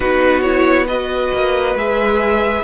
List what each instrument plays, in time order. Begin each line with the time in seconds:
0.00 cello B3, viola D#4, violin F#4 B4
0.41 viola E4, violin C#5
0.87 viola F#4, violin B4 D#5
1.33 cello A#3
1.75 cello G#3, viola G#4, violin E5